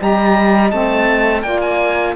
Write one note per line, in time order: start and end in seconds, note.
0.00 0.72 G3
0.00 0.71 G4
0.00 1.44 D#5
0.00 0.71 A#5
0.71 1.43 A3
0.71 1.44 C4
0.71 1.42 A5
1.42 2.15 A#3
1.42 2.16 F4
1.42 2.16 D5
1.42 1.61 G5
1.61 2.15 G#5